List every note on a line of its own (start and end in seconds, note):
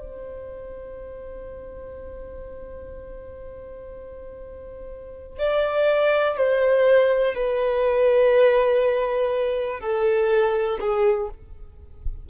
0.00 5.39 C5
5.39 6.38 D5
6.38 7.35 C5
7.35 9.81 B4
9.81 10.79 A4
10.81 11.30 G#4